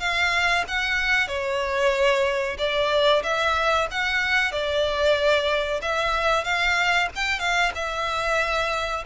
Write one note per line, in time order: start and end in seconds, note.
0.00 0.65 F5
0.68 1.28 F#5
1.28 2.57 C#5
2.58 3.23 D5
3.23 3.88 E5
3.91 4.52 F#5
4.52 5.81 D5
5.82 6.45 E5
6.45 7.09 F5
7.16 7.40 G5
7.40 7.72 F5
7.75 9.04 E5